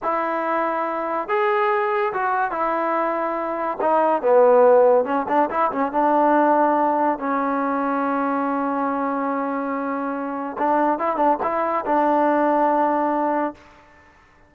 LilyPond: \new Staff \with { instrumentName = "trombone" } { \time 4/4 \tempo 4 = 142 e'2. gis'4~ | gis'4 fis'4 e'2~ | e'4 dis'4 b2 | cis'8 d'8 e'8 cis'8 d'2~ |
d'4 cis'2.~ | cis'1~ | cis'4 d'4 e'8 d'8 e'4 | d'1 | }